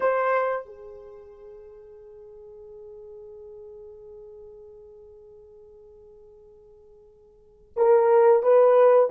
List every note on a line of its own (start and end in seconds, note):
0.00 0.65 C5
0.65 7.73 G#4
7.76 8.42 A#4
8.42 9.10 B4